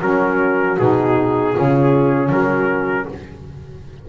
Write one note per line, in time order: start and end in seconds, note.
0.00 0.77 F#3
0.00 0.77 C#4
0.00 1.53 F#4
0.00 0.78 A#4
0.78 1.56 B2
0.78 1.54 D#4
0.78 2.31 G#4
1.53 2.29 C#3
1.53 3.08 C#4
1.53 2.30 F4
2.29 3.06 F#3
2.29 3.08 F#4
2.29 3.08 A#4